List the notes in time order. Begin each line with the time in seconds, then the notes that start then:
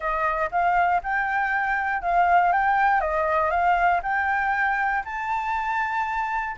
0.00 D#5
0.51 F5
1.03 G5
2.02 F5
2.52 G5
3.00 D#5
3.50 F5
4.02 G5
5.04 A5